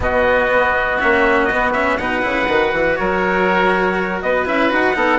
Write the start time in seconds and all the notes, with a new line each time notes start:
0.00 B2 B3 F#4 D#5
0.51 B3
0.99 A#3 C#4 E5
1.45 B3 D#5
1.51 B3
1.72 C#4 E5
1.97 B2 D#4 B4 F#5
2.22 C#3 E4
2.47 D#3 F#4
2.72 E3
2.96 F#3 A#4 C#5
4.22 B3 B4 D#5
4.45 C#4 E4 E5
4.69 D#4 F#4 F#5
4.94 B3 D#4 A4